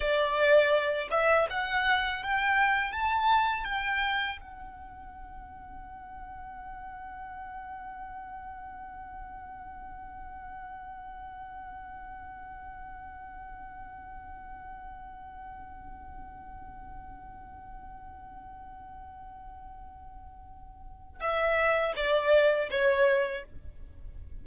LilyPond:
\new Staff \with { instrumentName = "violin" } { \time 4/4 \tempo 4 = 82 d''4. e''8 fis''4 g''4 | a''4 g''4 fis''2~ | fis''1~ | fis''1~ |
fis''1~ | fis''1~ | fis''1~ | fis''4 e''4 d''4 cis''4 | }